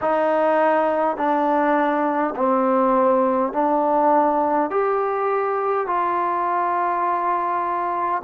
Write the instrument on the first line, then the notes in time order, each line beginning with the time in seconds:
trombone
0.01 D#4
1.17 D4
2.35 C4
3.52 D4
4.70 G4
5.87 F4